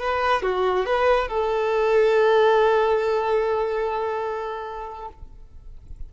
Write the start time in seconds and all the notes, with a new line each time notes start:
0.00 B4
0.43 F#4
0.86 B4
1.29 A4